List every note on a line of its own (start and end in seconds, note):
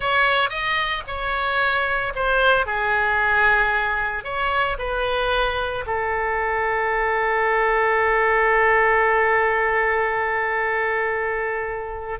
0.00 0.49 C#5
0.49 1.02 D#5
1.07 2.13 C#5
2.15 2.66 C5
2.66 4.24 G#4
4.24 4.77 C#5
4.78 5.84 B4
5.86 12.19 A4